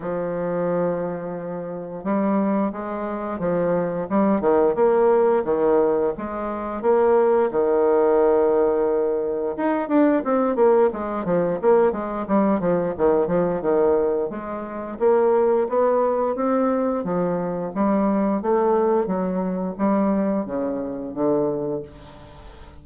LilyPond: \new Staff \with { instrumentName = "bassoon" } { \time 4/4 \tempo 4 = 88 f2. g4 | gis4 f4 g8 dis8 ais4 | dis4 gis4 ais4 dis4~ | dis2 dis'8 d'8 c'8 ais8 |
gis8 f8 ais8 gis8 g8 f8 dis8 f8 | dis4 gis4 ais4 b4 | c'4 f4 g4 a4 | fis4 g4 cis4 d4 | }